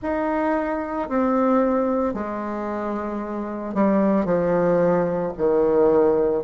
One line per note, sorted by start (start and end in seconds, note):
0.02 1.09 D#4
1.09 2.14 C4
2.14 3.74 G#3
3.74 4.25 G3
4.25 5.32 F3
5.37 6.44 D#3